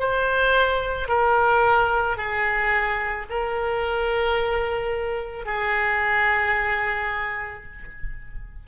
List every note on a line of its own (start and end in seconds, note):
0.00 1.09 C5
1.09 2.17 A#4
2.17 3.26 G#4
3.30 5.46 A#4
5.46 7.64 G#4